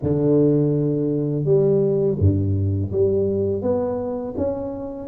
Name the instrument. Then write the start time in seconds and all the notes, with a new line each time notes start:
tuba
0.02 D3
1.45 G3
2.19 G2
2.92 G3
3.62 B3
4.37 C#4